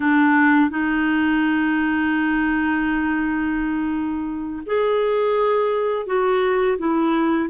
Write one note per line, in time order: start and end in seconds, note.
0.00 0.69 D4
0.69 4.62 D#4
4.66 6.06 G#4
6.06 6.77 F#4
6.78 7.49 E4